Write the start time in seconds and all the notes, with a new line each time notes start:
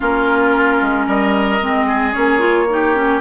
0.00 A#3 C#4 F4 A#4
0.81 G#3
1.06 G3 A#4 D#5
1.61 G#3 C4
1.86 G#4
2.12 A#3 C#4 C#5
2.39 F4
2.69 D#4 G4
2.94 C#4